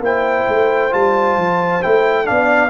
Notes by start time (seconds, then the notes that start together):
0.00 A#3 E4 C5 G5
0.48 A3
0.91 G3 F4 A5
1.37 F3
1.83 A3 E4 G5
2.25 B3 D4 D5 F5